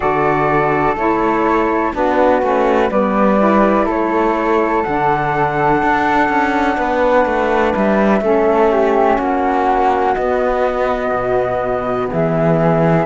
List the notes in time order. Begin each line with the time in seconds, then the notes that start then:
0.00 D3 F#4 A4 D5
0.95 A3 E4 C#5
1.93 B3 D4 F#4 B4
2.41 A3 C#4
2.90 G3 B3 B4 D5
3.37 E4
3.85 A3 A4 C#5
4.83 D3 D4 F#5
5.82 D4
6.28 C#4
6.77 B3 B4
7.25 A3
7.75 G3 E5
8.20 A3 C#4 A4
8.71 G4
9.17 A#3 F#4 F#5
10.14 B3 D#5
11.11 B2
12.11 E3 G#4 E5